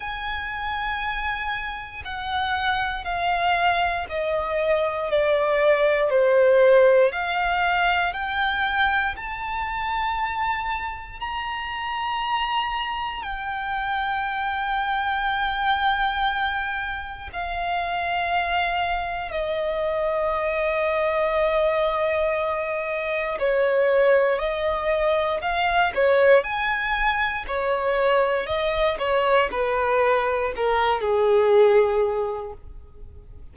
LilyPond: \new Staff \with { instrumentName = "violin" } { \time 4/4 \tempo 4 = 59 gis''2 fis''4 f''4 | dis''4 d''4 c''4 f''4 | g''4 a''2 ais''4~ | ais''4 g''2.~ |
g''4 f''2 dis''4~ | dis''2. cis''4 | dis''4 f''8 cis''8 gis''4 cis''4 | dis''8 cis''8 b'4 ais'8 gis'4. | }